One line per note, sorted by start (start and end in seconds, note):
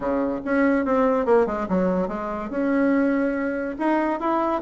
0.00 0.40 C#3
0.44 0.85 C#4
0.85 1.25 C4
1.25 1.46 A#3
1.46 1.67 G#3
1.68 2.08 F#3
2.08 2.50 G#3
2.50 3.76 C#4
3.78 4.20 D#4
4.20 4.62 E4